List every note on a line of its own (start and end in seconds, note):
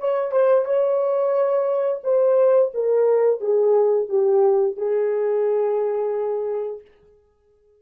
0.00 0.32 C#5
0.32 0.65 C5
0.65 2.02 C#5
2.04 2.72 C5
2.74 3.41 A#4
3.41 4.09 G#4
4.09 4.77 G4
4.77 6.82 G#4